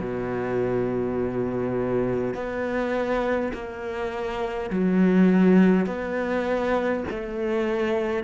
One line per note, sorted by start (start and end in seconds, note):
0.00 2.34 B2
2.34 3.52 B3
3.53 4.70 A#3
4.70 5.86 F#3
5.86 7.03 B3
7.10 8.24 A3